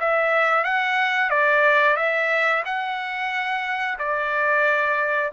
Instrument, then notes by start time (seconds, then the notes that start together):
trumpet
0.00 E5
0.64 F#5
1.30 D5
1.96 E5
2.65 F#5
3.99 D5